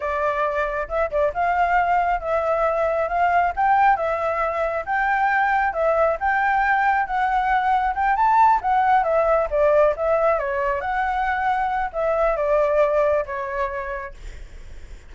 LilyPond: \new Staff \with { instrumentName = "flute" } { \time 4/4 \tempo 4 = 136 d''2 e''8 d''8 f''4~ | f''4 e''2 f''4 | g''4 e''2 g''4~ | g''4 e''4 g''2 |
fis''2 g''8 a''4 fis''8~ | fis''8 e''4 d''4 e''4 cis''8~ | cis''8 fis''2~ fis''8 e''4 | d''2 cis''2 | }